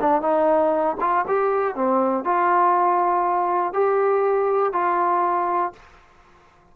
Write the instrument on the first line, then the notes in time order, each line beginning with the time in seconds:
trombone
0.00 D4
0.22 D#4
1.00 F4
1.27 G4
1.75 C4
2.24 F4
3.73 G4
4.73 F4